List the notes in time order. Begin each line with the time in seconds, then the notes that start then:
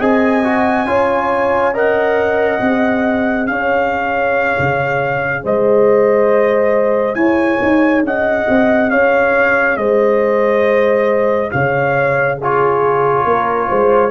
0.00 C4 G#4 D#5 G#5
0.44 F#4
0.86 C#4 F4 C#5
1.74 A#4 D#5 F#5
2.61 C4 G#4
3.47 C#4 C#5 F5
4.59 C#3
5.44 G#3 C5 D#5
7.15 E4 C#5 G#5
7.62 D#4
8.03 C#4 D#5 F#5
8.49 C4
8.91 C#4 C#5 F5
9.77 G#3 C5 D#5
11.51 C#3 C#5 F5
12.38 F4 G#4 C#5
13.25 A#3 A#4
13.69 G#3 C5